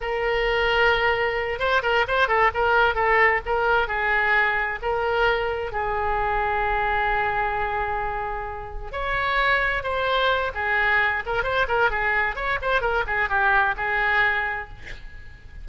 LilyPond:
\new Staff \with { instrumentName = "oboe" } { \time 4/4 \tempo 4 = 131 ais'2.~ ais'8 c''8 | ais'8 c''8 a'8 ais'4 a'4 ais'8~ | ais'8 gis'2 ais'4.~ | ais'8 gis'2.~ gis'8~ |
gis'2.~ gis'8 cis''8~ | cis''4. c''4. gis'4~ | gis'8 ais'8 c''8 ais'8 gis'4 cis''8 c''8 | ais'8 gis'8 g'4 gis'2 | }